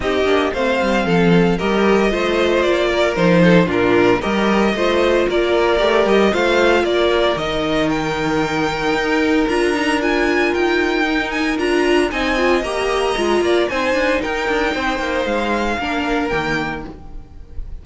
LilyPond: <<
  \new Staff \with { instrumentName = "violin" } { \time 4/4 \tempo 4 = 114 dis''4 f''2 dis''4~ | dis''4 d''4 c''4 ais'4 | dis''2 d''4. dis''8 | f''4 d''4 dis''4 g''4~ |
g''2 ais''4 gis''4 | g''4. gis''8 ais''4 gis''4 | ais''2 gis''4 g''4~ | g''4 f''2 g''4 | }
  \new Staff \with { instrumentName = "violin" } { \time 4/4 g'4 c''4 a'4 ais'4 | c''4. ais'4 a'8 f'4 | ais'4 c''4 ais'2 | c''4 ais'2.~ |
ais'1~ | ais'2. dis''4~ | dis''4. d''8 c''4 ais'4 | c''2 ais'2 | }
  \new Staff \with { instrumentName = "viola" } { \time 4/4 dis'8 d'8 c'2 g'4 | f'2 dis'4 d'4 | g'4 f'2 g'4 | f'2 dis'2~ |
dis'2 f'8 dis'8 f'4~ | f'4 dis'4 f'4 dis'8 f'8 | g'4 f'4 dis'2~ | dis'2 d'4 ais4 | }
  \new Staff \with { instrumentName = "cello" } { \time 4/4 c'8 ais8 a8 g8 f4 g4 | a4 ais4 f4 ais,4 | g4 a4 ais4 a8 g8 | a4 ais4 dis2~ |
dis4 dis'4 d'2 | dis'2 d'4 c'4 | ais4 gis8 ais8 c'8 d'8 dis'8 d'8 | c'8 ais8 gis4 ais4 dis4 | }
>>